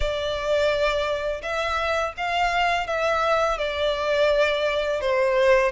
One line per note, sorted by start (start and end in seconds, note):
0.00 1.41 D5
1.42 2.13 E5
2.17 2.86 F5
2.86 3.57 E5
3.57 5.00 D5
5.00 5.72 C5